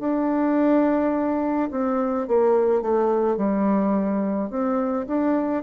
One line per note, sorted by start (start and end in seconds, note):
0.00 1.70 D4
1.71 2.28 C4
2.28 2.82 A#3
2.82 3.38 A3
3.38 4.50 G3
4.50 5.07 C4
5.08 5.63 D4